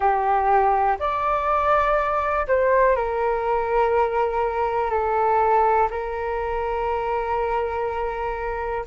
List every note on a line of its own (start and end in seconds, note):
0.00 0.97 G4
0.99 2.46 D5
2.47 2.96 C5
2.96 4.90 A#4
4.90 5.88 A4
5.90 8.85 A#4